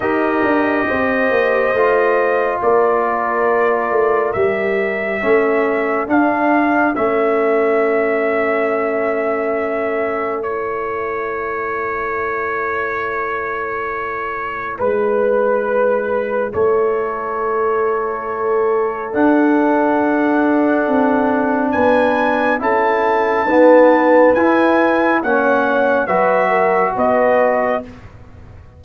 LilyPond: <<
  \new Staff \with { instrumentName = "trumpet" } { \time 4/4 \tempo 4 = 69 dis''2. d''4~ | d''4 e''2 f''4 | e''1 | cis''1~ |
cis''4 b'2 cis''4~ | cis''2 fis''2~ | fis''4 gis''4 a''2 | gis''4 fis''4 e''4 dis''4 | }
  \new Staff \with { instrumentName = "horn" } { \time 4/4 ais'4 c''2 ais'4~ | ais'2 a'2~ | a'1~ | a'1~ |
a'4 b'2 a'4~ | a'1~ | a'4 b'4 a'4 b'4~ | b'4 cis''4 b'8 ais'8 b'4 | }
  \new Staff \with { instrumentName = "trombone" } { \time 4/4 g'2 f'2~ | f'4 g'4 cis'4 d'4 | cis'1 | e'1~ |
e'1~ | e'2 d'2~ | d'2 e'4 b4 | e'4 cis'4 fis'2 | }
  \new Staff \with { instrumentName = "tuba" } { \time 4/4 dis'8 d'8 c'8 ais8 a4 ais4~ | ais8 a8 g4 a4 d'4 | a1~ | a1~ |
a4 gis2 a4~ | a2 d'2 | c'4 b4 cis'4 dis'4 | e'4 ais4 fis4 b4 | }
>>